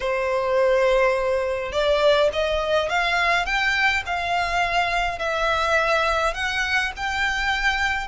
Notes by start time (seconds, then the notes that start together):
0.00 C5
1.72 D5
2.33 D#5
2.89 F5
3.45 G5
4.05 F5
5.18 E5
6.34 F#5
6.96 G5